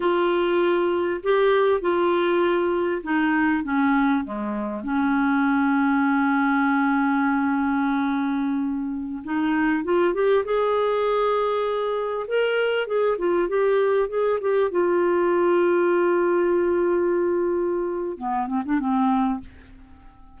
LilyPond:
\new Staff \with { instrumentName = "clarinet" } { \time 4/4 \tempo 4 = 99 f'2 g'4 f'4~ | f'4 dis'4 cis'4 gis4 | cis'1~ | cis'2.~ cis'16 dis'8.~ |
dis'16 f'8 g'8 gis'2~ gis'8.~ | gis'16 ais'4 gis'8 f'8 g'4 gis'8 g'16~ | g'16 f'2.~ f'8.~ | f'2 b8 c'16 d'16 c'4 | }